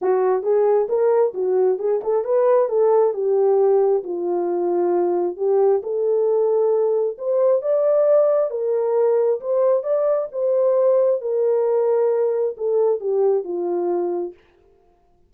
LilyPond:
\new Staff \with { instrumentName = "horn" } { \time 4/4 \tempo 4 = 134 fis'4 gis'4 ais'4 fis'4 | gis'8 a'8 b'4 a'4 g'4~ | g'4 f'2. | g'4 a'2. |
c''4 d''2 ais'4~ | ais'4 c''4 d''4 c''4~ | c''4 ais'2. | a'4 g'4 f'2 | }